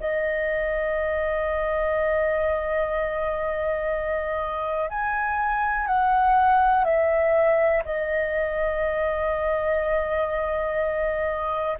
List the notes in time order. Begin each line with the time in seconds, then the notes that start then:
0.00 D#5
4.89 G#5
5.87 F#5
6.84 E5
7.85 D#5